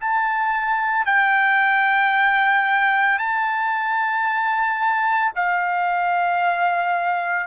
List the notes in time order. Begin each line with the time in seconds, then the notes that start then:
0.00 A5
1.06 G5
3.19 A5
5.35 F5